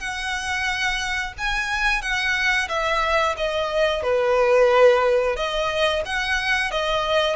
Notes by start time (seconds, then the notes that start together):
0.00 F#5
1.38 G#5
2.02 F#5
2.69 E5
3.37 D#5
4.03 B4
5.36 D#5
6.06 F#5
6.71 D#5